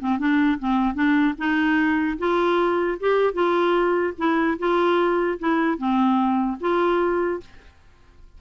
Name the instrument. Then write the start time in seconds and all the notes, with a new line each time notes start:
clarinet
0.00 C4
0.19 D4
0.59 C4
0.94 D4
1.38 D#4
2.18 F4
3.00 G4
3.34 F4
4.18 E4
4.59 F4
5.39 E4
5.78 C4
6.60 F4